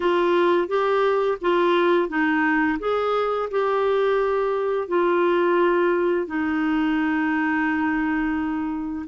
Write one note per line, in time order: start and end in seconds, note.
0.00 0.68 F4
0.68 1.38 G4
1.41 2.08 F4
2.08 2.78 D#4
2.79 3.49 G#4
3.50 4.88 G4
4.88 6.27 F4
6.27 9.06 D#4